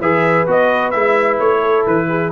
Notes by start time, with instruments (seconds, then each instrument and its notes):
0.00 tuba E3, trombone G#4, horn B4, trumpet E5
0.47 tuba B3, trombone F#4, trumpet D#5
0.91 tuba G#3, trombone E4, trumpet E5
1.39 tuba A3, trumpet C#5
1.60 horn A4
1.87 tuba E3, trumpet B4
2.09 horn G#4